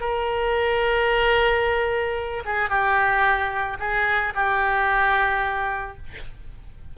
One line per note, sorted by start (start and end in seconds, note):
0.00 2.43 A#4
2.45 2.69 G#4
2.69 3.77 G4
3.79 4.33 G#4
4.35 5.97 G4